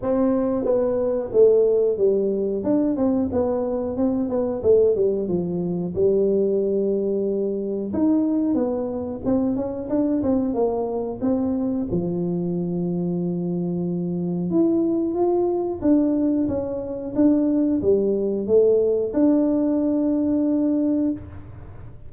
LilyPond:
\new Staff \with { instrumentName = "tuba" } { \time 4/4 \tempo 4 = 91 c'4 b4 a4 g4 | d'8 c'8 b4 c'8 b8 a8 g8 | f4 g2. | dis'4 b4 c'8 cis'8 d'8 c'8 |
ais4 c'4 f2~ | f2 e'4 f'4 | d'4 cis'4 d'4 g4 | a4 d'2. | }